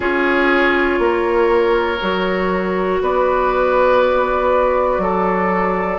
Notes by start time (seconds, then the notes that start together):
0.00 C#4 F4 G#4 C#5
0.98 A#3 A#4
2.00 F#3 F#4
3.01 B3 B4 D5
4.98 F#3 A4